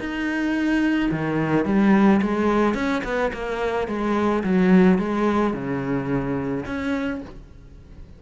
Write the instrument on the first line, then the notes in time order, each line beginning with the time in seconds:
cello
0.00 D#4
1.12 D#3
1.66 G3
2.22 G#3
2.75 C#4
3.05 B3
3.34 A#3
3.88 G#3
4.44 F#3
4.99 G#3
5.54 C#3
6.66 C#4